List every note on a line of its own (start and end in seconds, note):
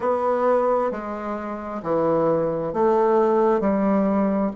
0.00 0.91 B3
0.91 1.82 G#3
1.83 2.73 E3
2.73 3.60 A3
3.60 4.51 G3